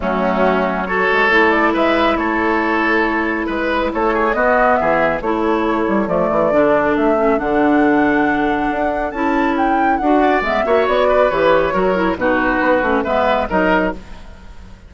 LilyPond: <<
  \new Staff \with { instrumentName = "flute" } { \time 4/4 \tempo 4 = 138 fis'2 cis''4. d''8 | e''4 cis''2. | b'4 cis''4 dis''4 e''4 | cis''2 d''2 |
e''4 fis''2.~ | fis''4 a''4 g''4 fis''4 | e''4 d''4 cis''2 | b'2 e''4 dis''4 | }
  \new Staff \with { instrumentName = "oboe" } { \time 4/4 cis'2 a'2 | b'4 a'2. | b'4 a'8 gis'8 fis'4 gis'4 | a'1~ |
a'1~ | a'2.~ a'8 d''8~ | d''8 cis''4 b'4. ais'4 | fis'2 b'4 ais'4 | }
  \new Staff \with { instrumentName = "clarinet" } { \time 4/4 a2 fis'4 e'4~ | e'1~ | e'2 b2 | e'2 a4 d'4~ |
d'8 cis'8 d'2.~ | d'4 e'2 fis'4 | b8 fis'4. g'4 fis'8 e'8 | dis'4. cis'8 b4 dis'4 | }
  \new Staff \with { instrumentName = "bassoon" } { \time 4/4 fis2~ fis8 gis8 a4 | gis4 a2. | gis4 a4 b4 e4 | a4. g8 f8 e8 d4 |
a4 d2. | d'4 cis'2 d'4 | gis8 ais8 b4 e4 fis4 | b,4 b8 a8 gis4 fis4 | }
>>